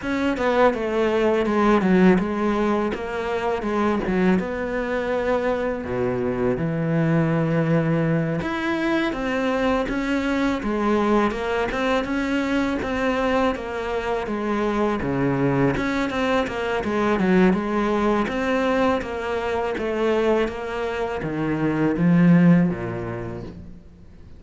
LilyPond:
\new Staff \with { instrumentName = "cello" } { \time 4/4 \tempo 4 = 82 cis'8 b8 a4 gis8 fis8 gis4 | ais4 gis8 fis8 b2 | b,4 e2~ e8 e'8~ | e'8 c'4 cis'4 gis4 ais8 |
c'8 cis'4 c'4 ais4 gis8~ | gis8 cis4 cis'8 c'8 ais8 gis8 fis8 | gis4 c'4 ais4 a4 | ais4 dis4 f4 ais,4 | }